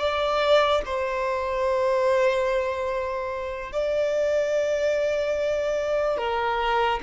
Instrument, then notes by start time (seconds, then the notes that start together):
violin
0.00 D5
0.86 C5
3.73 D5
6.18 A#4